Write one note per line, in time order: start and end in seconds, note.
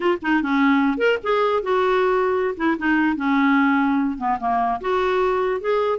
0.00 0.17 F4
0.22 0.42 D#4
0.42 0.97 C#4
0.97 1.18 A#4
1.23 1.62 G#4
1.62 2.54 F#4
2.56 2.77 E4
2.78 3.16 D#4
3.16 4.17 C#4
4.17 4.38 B3
4.39 4.80 A#3
4.80 5.60 F#4
5.60 5.99 G#4